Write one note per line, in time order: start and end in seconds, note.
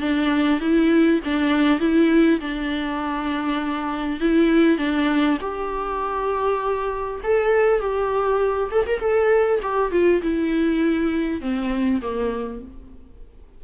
0.00 0.60 D4
0.60 1.20 E4
1.24 1.79 D4
1.79 2.39 E4
2.40 4.20 D4
4.20 4.77 E4
4.77 5.37 D4
5.41 7.21 G4
7.23 7.79 A4
7.79 8.69 G4
8.71 8.86 A4
8.86 8.99 A#4
8.99 9.59 A4
9.62 9.91 G4
9.91 10.21 F4
10.22 11.41 E4
11.41 12.01 C4
12.01 12.61 A#3